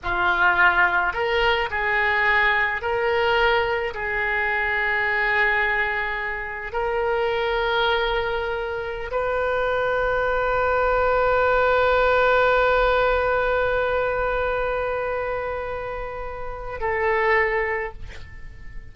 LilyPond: \new Staff \with { instrumentName = "oboe" } { \time 4/4 \tempo 4 = 107 f'2 ais'4 gis'4~ | gis'4 ais'2 gis'4~ | gis'1 | ais'1~ |
ais'16 b'2.~ b'8.~ | b'1~ | b'1~ | b'2 a'2 | }